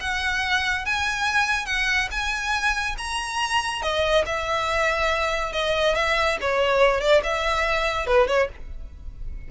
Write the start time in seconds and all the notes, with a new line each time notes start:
0.00 F#5
0.85 G#5
1.66 F#5
2.11 G#5
2.97 A#5
3.82 D#5
4.26 E5
5.52 D#5
5.95 E5
6.41 C#5
7.00 D5
7.23 E5
8.06 B4
8.27 C#5